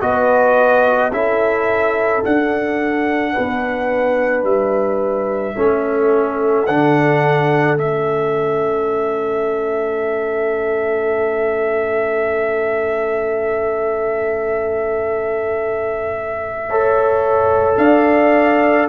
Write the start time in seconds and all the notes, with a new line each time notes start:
0.00 B3 F#4 B4 D#5
1.11 C#4 E4 A4 E5
2.22 D4 F#5
3.32 B4
3.38 B3
4.43 G3 E5
5.56 A3 C#4 A4
6.66 D3 D4 F#5
7.76 A3 C#4 E5
16.69 A4 C#5
17.77 D4 D5 F5